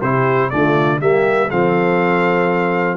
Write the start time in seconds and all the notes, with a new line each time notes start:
0.00 C3 E4 G4 C5
0.50 D3 A3 F4 D5
0.99 G3 A#3 G4 E5
1.48 F3 C4 A4 F5